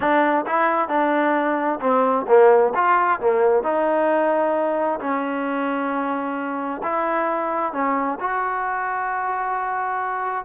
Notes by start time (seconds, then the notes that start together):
0.00 D4
0.46 E4
0.88 D4
1.80 C4
2.27 A#3
2.74 F4
3.20 A#3
3.63 D#4
5.00 C#4
6.83 E4
7.73 C#4
8.19 F#4